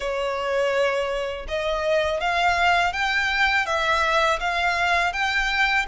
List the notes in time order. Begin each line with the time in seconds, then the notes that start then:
0.00 C#5
1.47 D#5
2.20 F5
2.93 G5
3.66 E5
4.40 F5
5.12 G5